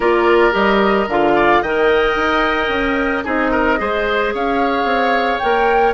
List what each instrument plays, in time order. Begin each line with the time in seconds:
0.00 bassoon A#3, clarinet F4, oboe A#4, flute D5
0.52 bassoon G3, clarinet G4, flute D#5
1.07 bassoon D3, clarinet F4, flute F5
1.35 oboe D5
1.62 bassoon D#3, clarinet A#4, oboe D#5, flute G5
2.15 bassoon D#4
2.68 bassoon C#4
3.24 bassoon C4, clarinet D#4, oboe G#4, flute D#5
3.51 oboe A#4
3.77 bassoon G#3, clarinet G#4, oboe C5
4.33 bassoon C#4, oboe C#5, flute F5
4.84 bassoon C4
5.38 bassoon A#3, clarinet A#4, flute G5